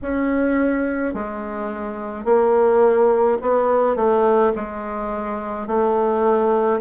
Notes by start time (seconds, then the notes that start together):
0.02 C#4
1.14 G#3
2.24 A#3
3.41 B3
3.96 A3
4.55 G#3
5.67 A3